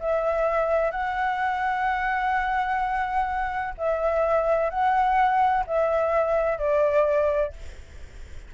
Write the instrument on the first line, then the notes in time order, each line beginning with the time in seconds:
flute
0.00 E5
0.91 F#5
3.77 E5
4.70 F#5
5.66 E5
6.58 D5